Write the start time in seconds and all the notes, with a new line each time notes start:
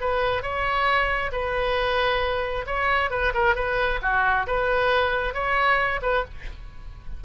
0.00 B4
0.42 C#5
1.32 B4
2.66 C#5
3.10 B4
3.34 A#4
3.55 B4
4.02 F#4
4.46 B4
5.34 C#5
6.02 B4